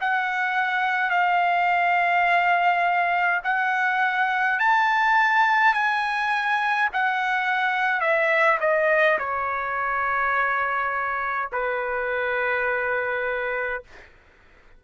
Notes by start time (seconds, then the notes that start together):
0.00 F#5
1.10 F5
3.44 F#5
4.59 A5
5.74 G#5
6.93 F#5
8.00 E5
8.60 D#5
9.18 C#5
11.52 B4